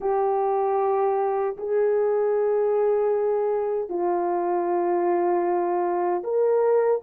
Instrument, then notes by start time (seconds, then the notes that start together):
horn
0.00 G4
1.57 G#4
3.89 F4
6.23 A#4